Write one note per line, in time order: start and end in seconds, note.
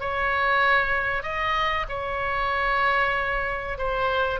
0.00 1.23 C#5
1.23 1.86 D#5
1.89 3.78 C#5
3.78 4.40 C5